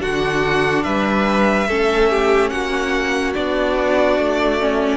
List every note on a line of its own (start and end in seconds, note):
0.00 0.86 D3
0.00 1.67 D4
0.00 0.85 F#4
0.00 0.83 F#5
0.83 1.68 G3
0.83 1.68 B4
0.83 2.50 E5
1.68 2.52 A3
1.68 3.35 C#4
1.68 2.10 A4
2.10 2.51 G4
2.50 3.35 A#3
2.50 4.98 F#4
2.50 3.33 F#5
3.34 4.19 B3
3.34 4.60 D4
3.34 4.98 D5
4.19 4.98 A3
4.60 4.98 C#4